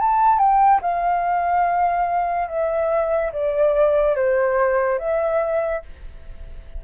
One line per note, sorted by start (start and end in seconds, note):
0.00 0.39 A5
0.39 0.80 G5
0.81 2.48 F5
2.48 3.31 E5
3.33 4.16 D5
4.16 4.99 C5
4.99 5.82 E5